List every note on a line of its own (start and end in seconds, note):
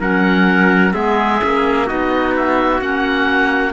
0.00 0.94 F#3
0.00 0.94 C#4
0.00 0.94 A#4
0.00 0.94 F#5
0.94 1.42 G#3
0.94 1.40 B3
0.94 1.87 G#4
0.94 1.88 E5
1.41 1.91 A#3
1.41 1.87 C#4
1.87 2.81 B3
1.87 2.81 D#4
1.87 3.73 F#4
1.87 2.35 D#5
2.37 2.82 E5
2.81 3.73 A#3
2.81 3.73 C#4
2.81 3.73 F#5